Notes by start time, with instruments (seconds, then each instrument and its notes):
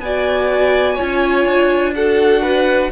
0.00 cello B3, viola F#4, violin D5 G#5
0.95 cello C#4, viola F4, violin C#5
1.45 cello D4
1.95 viola F#4, violin A4 F#5
2.43 violin B4